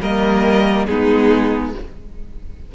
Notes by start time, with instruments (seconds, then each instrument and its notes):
0.00 cello G3, viola A#3, violin A#4 D#5
0.86 cello G#3, viola B3, violin D#4 G#4